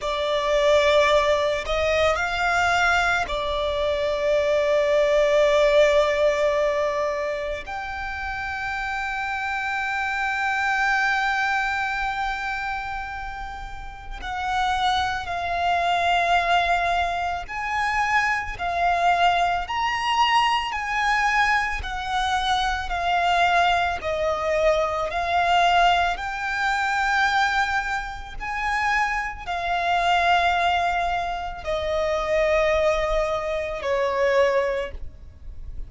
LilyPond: \new Staff \with { instrumentName = "violin" } { \time 4/4 \tempo 4 = 55 d''4. dis''8 f''4 d''4~ | d''2. g''4~ | g''1~ | g''4 fis''4 f''2 |
gis''4 f''4 ais''4 gis''4 | fis''4 f''4 dis''4 f''4 | g''2 gis''4 f''4~ | f''4 dis''2 cis''4 | }